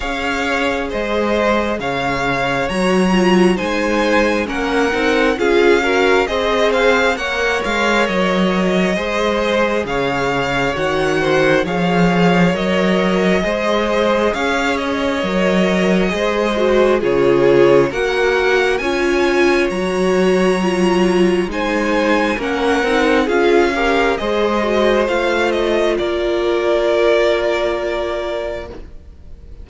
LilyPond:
<<
  \new Staff \with { instrumentName = "violin" } { \time 4/4 \tempo 4 = 67 f''4 dis''4 f''4 ais''4 | gis''4 fis''4 f''4 dis''8 f''8 | fis''8 f''8 dis''2 f''4 | fis''4 f''4 dis''2 |
f''8 dis''2~ dis''8 cis''4 | fis''4 gis''4 ais''2 | gis''4 fis''4 f''4 dis''4 | f''8 dis''8 d''2. | }
  \new Staff \with { instrumentName = "violin" } { \time 4/4 cis''4 c''4 cis''2 | c''4 ais'4 gis'8 ais'8 c''4 | cis''2 c''4 cis''4~ | cis''8 c''8 cis''2 c''4 |
cis''2 c''4 gis'4 | ais'4 cis''2. | c''4 ais'4 gis'8 ais'8 c''4~ | c''4 ais'2. | }
  \new Staff \with { instrumentName = "viola" } { \time 4/4 gis'2. fis'8 f'8 | dis'4 cis'8 dis'8 f'8 fis'8 gis'4 | ais'2 gis'2 | fis'4 gis'4 ais'4 gis'4~ |
gis'4 ais'4 gis'8 fis'8 f'4 | fis'4 f'4 fis'4 f'4 | dis'4 cis'8 dis'8 f'8 g'8 gis'8 fis'8 | f'1 | }
  \new Staff \with { instrumentName = "cello" } { \time 4/4 cis'4 gis4 cis4 fis4 | gis4 ais8 c'8 cis'4 c'4 | ais8 gis8 fis4 gis4 cis4 | dis4 f4 fis4 gis4 |
cis'4 fis4 gis4 cis4 | ais4 cis'4 fis2 | gis4 ais8 c'8 cis'4 gis4 | a4 ais2. | }
>>